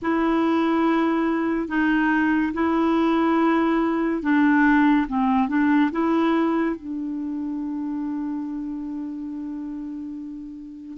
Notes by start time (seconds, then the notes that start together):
0.02 E4
1.68 D#4
2.54 E4
4.22 D4
5.08 C4
5.48 D4
5.91 E4
6.76 D4